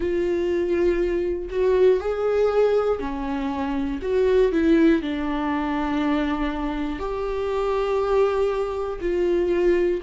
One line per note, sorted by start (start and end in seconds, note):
0.00 1.48 F4
1.50 2.00 F#4
2.00 3.00 G#4
3.00 4.00 C#4
4.01 4.51 F#4
4.51 5.01 E4
5.02 6.99 D4
6.99 8.99 G4
9.00 10.00 F4